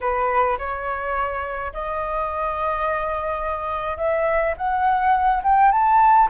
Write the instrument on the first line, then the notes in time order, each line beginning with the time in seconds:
flute
0.00 B4
0.58 C#5
1.73 D#5
3.97 E5
4.57 F#5
5.43 G5
5.71 A5